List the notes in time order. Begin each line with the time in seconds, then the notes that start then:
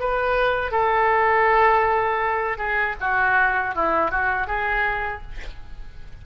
0.00 B4
0.72 A4
2.58 G#4
3.01 F#4
3.75 E4
4.11 F#4
4.47 G#4